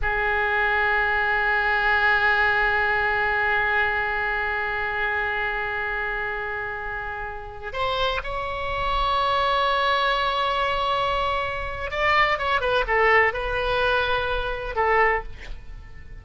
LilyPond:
\new Staff \with { instrumentName = "oboe" } { \time 4/4 \tempo 4 = 126 gis'1~ | gis'1~ | gis'1~ | gis'1~ |
gis'16 c''4 cis''2~ cis''8.~ | cis''1~ | cis''4 d''4 cis''8 b'8 a'4 | b'2. a'4 | }